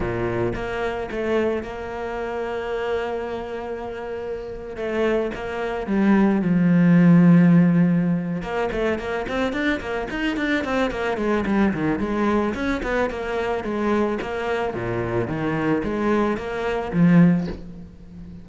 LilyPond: \new Staff \with { instrumentName = "cello" } { \time 4/4 \tempo 4 = 110 ais,4 ais4 a4 ais4~ | ais1~ | ais8. a4 ais4 g4 f16~ | f2.~ f8 ais8 |
a8 ais8 c'8 d'8 ais8 dis'8 d'8 c'8 | ais8 gis8 g8 dis8 gis4 cis'8 b8 | ais4 gis4 ais4 ais,4 | dis4 gis4 ais4 f4 | }